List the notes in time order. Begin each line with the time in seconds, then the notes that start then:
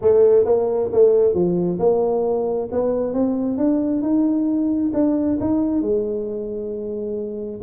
0.01 A3
0.45 A#3
0.92 A3
1.34 F3
1.79 A#3
2.71 B3
3.13 C4
3.57 D4
4.02 D#4
4.93 D4
5.40 D#4
5.81 G#3